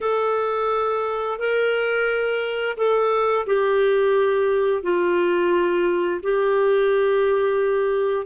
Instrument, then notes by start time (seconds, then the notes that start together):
clarinet
0.00 A4
1.38 A#4
2.77 A4
3.46 G4
4.82 F4
6.22 G4